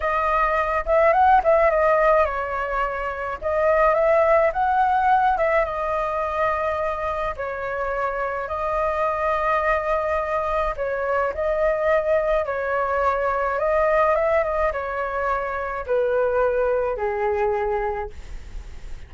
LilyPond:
\new Staff \with { instrumentName = "flute" } { \time 4/4 \tempo 4 = 106 dis''4. e''8 fis''8 e''8 dis''4 | cis''2 dis''4 e''4 | fis''4. e''8 dis''2~ | dis''4 cis''2 dis''4~ |
dis''2. cis''4 | dis''2 cis''2 | dis''4 e''8 dis''8 cis''2 | b'2 gis'2 | }